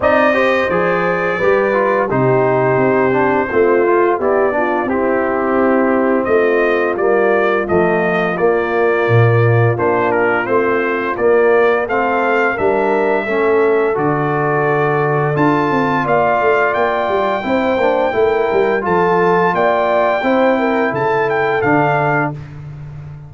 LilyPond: <<
  \new Staff \with { instrumentName = "trumpet" } { \time 4/4 \tempo 4 = 86 dis''4 d''2 c''4~ | c''2 d''4 g'4~ | g'4 dis''4 d''4 dis''4 | d''2 c''8 ais'8 c''4 |
d''4 f''4 e''2 | d''2 a''4 f''4 | g''2. a''4 | g''2 a''8 g''8 f''4 | }
  \new Staff \with { instrumentName = "horn" } { \time 4/4 d''8 c''4. b'4 g'4~ | g'4 f'4 g'8 f'8 e'4~ | e'4 f'2.~ | f'1~ |
f'4 a'4 ais'4 a'4~ | a'2. d''4~ | d''4 c''4 ais'4 a'4 | d''4 c''8 ais'8 a'2 | }
  \new Staff \with { instrumentName = "trombone" } { \time 4/4 dis'8 g'8 gis'4 g'8 f'8 dis'4~ | dis'8 d'8 c'8 f'8 e'8 d'8 c'4~ | c'2 ais4 a4 | ais2 d'4 c'4 |
ais4 c'4 d'4 cis'4 | fis'2 f'2~ | f'4 e'8 d'8 e'4 f'4~ | f'4 e'2 d'4 | }
  \new Staff \with { instrumentName = "tuba" } { \time 4/4 c'4 f4 g4 c4 | c'4 a4 b4 c'4~ | c'4 a4 g4 f4 | ais4 ais,4 ais4 a4 |
ais4 a4 g4 a4 | d2 d'8 c'8 ais8 a8 | ais8 g8 c'8 ais8 a8 g8 f4 | ais4 c'4 cis4 d4 | }
>>